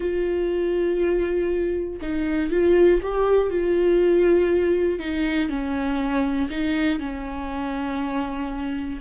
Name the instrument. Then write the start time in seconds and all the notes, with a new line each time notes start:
viola
0.00 F4
2.01 D#4
2.50 F4
3.02 G4
3.50 F4
4.99 D#4
5.49 C#4
6.50 D#4
6.99 C#4